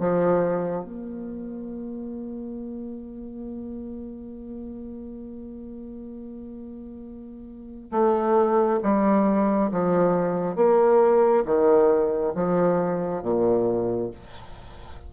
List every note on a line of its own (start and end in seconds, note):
0.00 0.85 F3
0.85 7.91 A#3
7.92 8.80 A3
8.83 9.71 G3
9.72 10.56 F3
10.56 11.45 A#3
11.46 12.34 D#3
12.36 13.23 F3
13.23 14.11 A#2